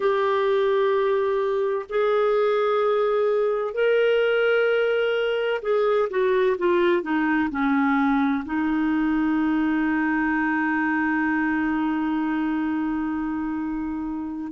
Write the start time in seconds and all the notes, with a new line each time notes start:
0.00 G4
1.89 G#4
3.73 A#4
5.62 G#4
6.09 F#4
6.58 F4
7.02 D#4
7.50 C#4
8.45 D#4